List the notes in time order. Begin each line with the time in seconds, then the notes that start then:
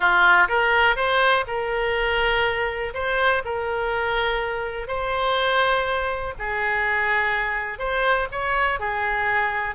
0.00 F4
0.48 A#4
0.96 C5
1.47 A#4
2.94 C5
3.45 A#4
4.87 C5
6.38 G#4
7.78 C5
8.31 C#5
8.79 G#4